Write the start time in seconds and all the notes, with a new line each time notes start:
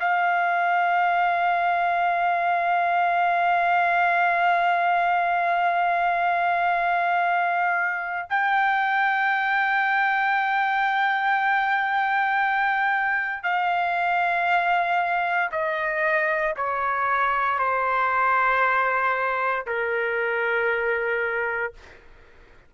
0.00 F5
8.29 G5
13.42 F5
15.51 D#5
16.56 C#5
17.59 C5
19.66 A#4